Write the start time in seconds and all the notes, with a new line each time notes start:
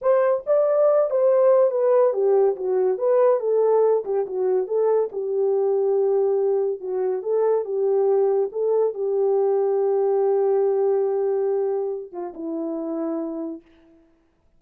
0.01 C5
0.46 D5
1.10 C5
1.70 B4
2.13 G4
2.55 F#4
2.98 B4
3.40 A4
4.04 G4
4.26 F#4
4.67 A4
5.12 G4
6.80 F#4
7.22 A4
7.64 G4
8.52 A4
8.94 G4
12.12 F4
12.34 E4